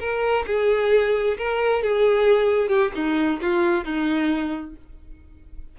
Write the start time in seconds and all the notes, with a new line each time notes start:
0.00 A#4
0.47 G#4
1.38 A#4
1.83 G#4
2.69 G4
2.95 D#4
3.42 F4
3.85 D#4